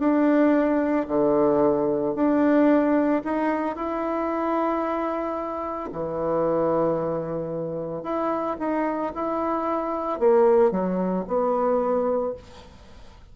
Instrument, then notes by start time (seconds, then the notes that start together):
bassoon
0.00 D4
1.08 D3
2.16 D4
3.25 D#4
3.76 E4
5.93 E3
8.03 E4
8.60 D#4
9.15 E4
10.20 A#3
10.71 F#3
11.28 B3